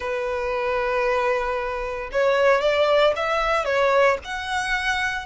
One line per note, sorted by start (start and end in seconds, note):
0.00 2.09 B4
2.11 2.61 C#5
2.61 3.13 D5
3.16 3.64 E5
3.64 4.17 C#5
4.24 5.26 F#5